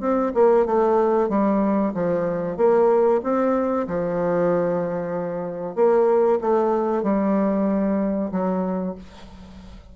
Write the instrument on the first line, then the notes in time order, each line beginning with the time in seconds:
bassoon
0.00 C4
0.34 A#3
0.66 A3
1.29 G3
1.94 F3
2.57 A#3
3.23 C4
3.87 F3
5.75 A#3
6.41 A3
7.03 G3
8.31 F#3